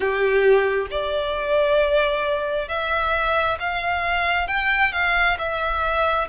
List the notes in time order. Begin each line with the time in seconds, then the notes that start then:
0.00 G4
0.90 D5
2.68 E5
3.59 F5
4.47 G5
4.92 F5
5.38 E5